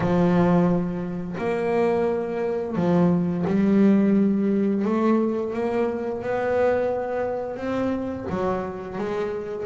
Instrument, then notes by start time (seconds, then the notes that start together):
double bass
0.00 F3
1.38 A#3
2.75 F3
3.47 G3
4.84 A3
5.53 A#3
6.22 B3
7.56 C4
8.29 F#3
8.97 G#3